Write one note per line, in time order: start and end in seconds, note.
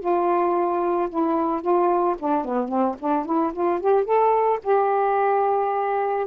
0.00 1.09 F4
1.10 1.62 E4
1.62 2.16 F4
2.19 2.45 D4
2.45 2.69 B3
2.69 2.96 C4
3.00 3.26 D4
3.26 3.53 E4
3.53 3.81 F4
3.81 4.05 G4
4.05 4.60 A4
4.64 6.27 G4